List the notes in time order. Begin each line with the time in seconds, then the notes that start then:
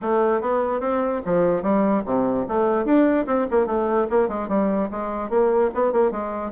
0.01 A3
0.41 B3
0.80 C4
1.25 F3
1.62 G3
2.05 C3
2.47 A3
2.85 D4
3.26 C4
3.50 A#3
3.66 A3
4.09 A#3
4.28 G#3
4.48 G3
4.90 G#3
5.29 A#3
5.74 B3
5.92 A#3
6.11 G#3